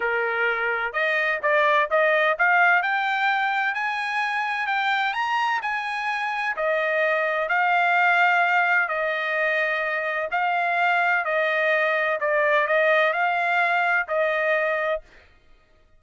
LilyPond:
\new Staff \with { instrumentName = "trumpet" } { \time 4/4 \tempo 4 = 128 ais'2 dis''4 d''4 | dis''4 f''4 g''2 | gis''2 g''4 ais''4 | gis''2 dis''2 |
f''2. dis''4~ | dis''2 f''2 | dis''2 d''4 dis''4 | f''2 dis''2 | }